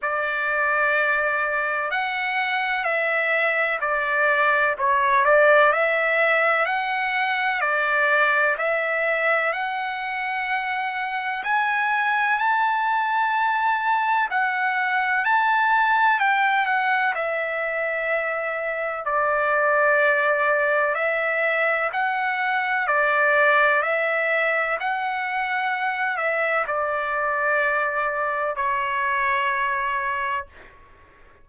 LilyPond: \new Staff \with { instrumentName = "trumpet" } { \time 4/4 \tempo 4 = 63 d''2 fis''4 e''4 | d''4 cis''8 d''8 e''4 fis''4 | d''4 e''4 fis''2 | gis''4 a''2 fis''4 |
a''4 g''8 fis''8 e''2 | d''2 e''4 fis''4 | d''4 e''4 fis''4. e''8 | d''2 cis''2 | }